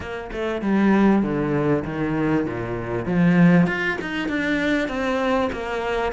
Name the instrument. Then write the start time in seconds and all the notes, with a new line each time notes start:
cello
0.00 A#3
0.32 A3
0.61 G3
1.22 D3
1.84 D#3
2.45 A#2
3.05 F3
3.67 F4
4.01 D#4
4.28 D4
4.88 C4
5.52 A#3